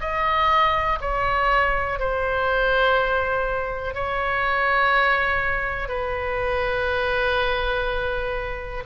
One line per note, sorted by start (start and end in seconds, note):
0.00 0.98 D#5
1.01 1.99 C#5
1.99 3.94 C5
3.94 5.88 C#5
5.88 8.83 B4